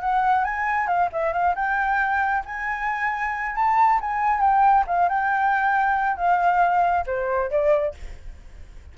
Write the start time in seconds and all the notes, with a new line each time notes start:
0.00 F#5
0.44 G#5
0.87 F5
1.12 E5
1.32 F5
1.55 G5
2.45 G#5
3.55 A5
4.00 G#5
4.40 G5
4.86 F5
5.09 G5
6.16 F5
7.06 C5
7.50 D5